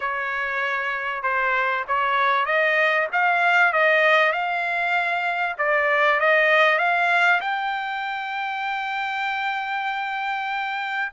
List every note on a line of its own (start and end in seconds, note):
0.00 1.22 C#5
1.22 1.84 C5
1.87 2.45 C#5
2.45 3.07 D#5
3.12 3.73 F5
3.73 4.32 D#5
4.32 5.56 F5
5.58 6.20 D5
6.20 6.78 D#5
6.78 7.40 F5
7.41 11.12 G5